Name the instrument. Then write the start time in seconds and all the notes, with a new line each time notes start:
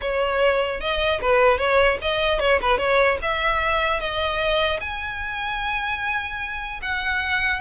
violin
0.01 C#5
0.80 D#5
1.21 B4
1.58 C#5
2.01 D#5
2.39 C#5
2.61 B4
2.78 C#5
3.21 E5
4.00 D#5
4.80 G#5
6.81 F#5